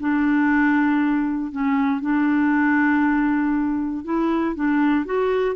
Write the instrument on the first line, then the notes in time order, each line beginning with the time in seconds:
clarinet
0.00 D4
1.52 C#4
2.01 D4
4.05 E4
4.56 D4
5.06 F#4